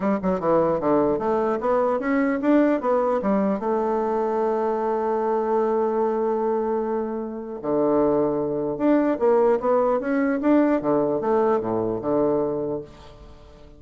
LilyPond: \new Staff \with { instrumentName = "bassoon" } { \time 4/4 \tempo 4 = 150 g8 fis8 e4 d4 a4 | b4 cis'4 d'4 b4 | g4 a2.~ | a1~ |
a2. d4~ | d2 d'4 ais4 | b4 cis'4 d'4 d4 | a4 a,4 d2 | }